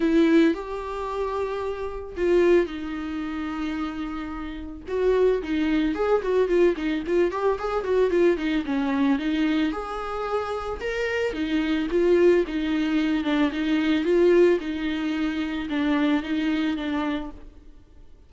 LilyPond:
\new Staff \with { instrumentName = "viola" } { \time 4/4 \tempo 4 = 111 e'4 g'2. | f'4 dis'2.~ | dis'4 fis'4 dis'4 gis'8 fis'8 | f'8 dis'8 f'8 g'8 gis'8 fis'8 f'8 dis'8 |
cis'4 dis'4 gis'2 | ais'4 dis'4 f'4 dis'4~ | dis'8 d'8 dis'4 f'4 dis'4~ | dis'4 d'4 dis'4 d'4 | }